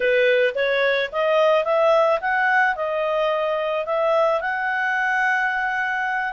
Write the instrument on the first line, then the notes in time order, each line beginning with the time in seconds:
clarinet
0.00 B4
0.55 C#5
1.12 D#5
1.64 E5
2.20 F#5
2.75 D#5
3.85 E5
4.41 F#5